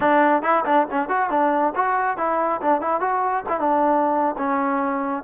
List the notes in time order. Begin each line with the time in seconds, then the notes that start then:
0.00 D4
0.42 E4
0.65 D4
0.90 C#4
1.08 F#4
1.30 D4
1.75 F#4
2.17 E4
2.61 D4
2.81 E4
3.00 F#4
3.49 E4
3.59 D4
4.38 C#4